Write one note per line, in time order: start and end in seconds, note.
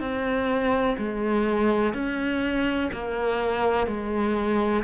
0.00 0.97 C4
0.98 1.94 G#3
1.94 2.90 C#4
2.92 3.87 A#3
3.87 4.83 G#3